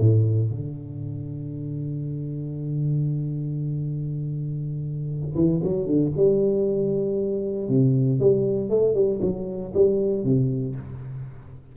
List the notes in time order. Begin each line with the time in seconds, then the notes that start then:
0.00 A2
0.51 D3
5.35 E3
5.63 F#3
5.86 D3
6.17 G3
7.68 C3
8.20 G3
8.70 A3
8.94 G3
9.22 F#3
9.74 G3
10.24 C3